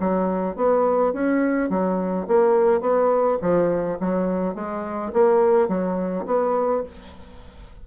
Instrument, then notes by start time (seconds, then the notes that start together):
bassoon
0.00 F#3
0.56 B3
1.13 C#4
1.70 F#3
2.28 A#3
2.81 B3
3.42 F3
4.00 F#3
4.55 G#3
5.13 A#3
5.68 F#3
6.26 B3